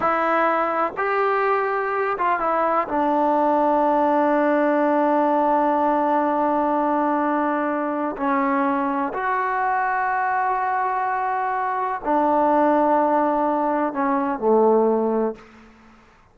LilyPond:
\new Staff \with { instrumentName = "trombone" } { \time 4/4 \tempo 4 = 125 e'2 g'2~ | g'8 f'8 e'4 d'2~ | d'1~ | d'1~ |
d'4 cis'2 fis'4~ | fis'1~ | fis'4 d'2.~ | d'4 cis'4 a2 | }